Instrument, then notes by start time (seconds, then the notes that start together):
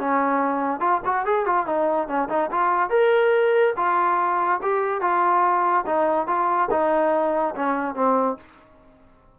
trombone
0.00 C#4
0.81 F4
1.05 F#4
1.26 G#4
1.46 F4
1.67 D#4
2.08 C#4
2.30 D#4
2.51 F4
2.90 A#4
3.77 F4
4.62 G4
5.02 F4
5.87 D#4
6.27 F4
6.71 D#4
7.56 C#4
7.96 C4